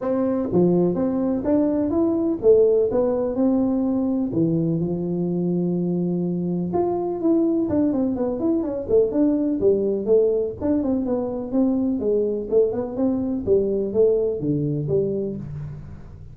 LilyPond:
\new Staff \with { instrumentName = "tuba" } { \time 4/4 \tempo 4 = 125 c'4 f4 c'4 d'4 | e'4 a4 b4 c'4~ | c'4 e4 f2~ | f2 f'4 e'4 |
d'8 c'8 b8 e'8 cis'8 a8 d'4 | g4 a4 d'8 c'8 b4 | c'4 gis4 a8 b8 c'4 | g4 a4 d4 g4 | }